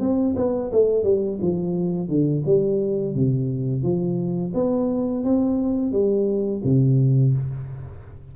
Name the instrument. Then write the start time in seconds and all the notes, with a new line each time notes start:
tuba
0.00 C4
0.36 B3
0.72 A3
1.04 G3
1.42 F3
2.08 D3
2.46 G3
3.15 C3
3.83 F3
4.54 B3
5.24 C4
5.92 G3
6.64 C3